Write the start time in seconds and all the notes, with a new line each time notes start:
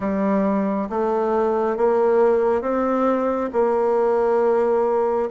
0.00 G3
0.89 A3
1.76 A#3
2.61 C4
3.53 A#3